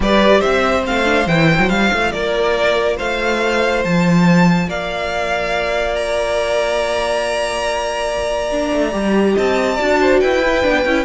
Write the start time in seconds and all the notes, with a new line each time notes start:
0.00 G3 G4 B4 D5
0.40 C4 C5 E5
0.85 A3 C4 F5
1.05 D4
1.27 E3 E4 G5
1.58 F#3
1.69 G3 F4 F5
1.92 A3
2.11 A#3 A#4 D5
2.96 A3 C5 F5
3.84 F3 A5
4.67 A#3 D5 F5
5.95 A#5
8.51 D4
8.72 A3
8.91 G3 G4
9.33 C4 D#5 A5
9.75 D4 F#4 D5
10.00 C5
10.20 E4 B4 G5
10.42 E4
10.62 B3 D4
10.85 C#4 E4